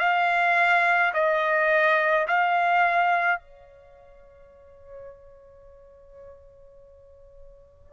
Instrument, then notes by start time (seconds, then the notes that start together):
trumpet
0.00 F5
1.14 D#5
2.28 F5
3.40 C#5